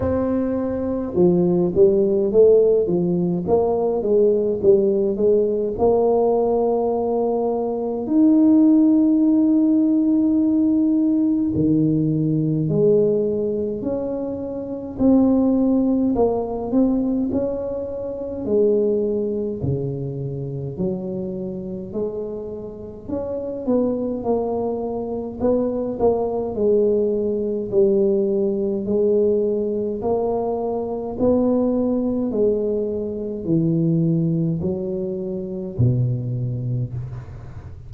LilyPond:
\new Staff \with { instrumentName = "tuba" } { \time 4/4 \tempo 4 = 52 c'4 f8 g8 a8 f8 ais8 gis8 | g8 gis8 ais2 dis'4~ | dis'2 dis4 gis4 | cis'4 c'4 ais8 c'8 cis'4 |
gis4 cis4 fis4 gis4 | cis'8 b8 ais4 b8 ais8 gis4 | g4 gis4 ais4 b4 | gis4 e4 fis4 b,4 | }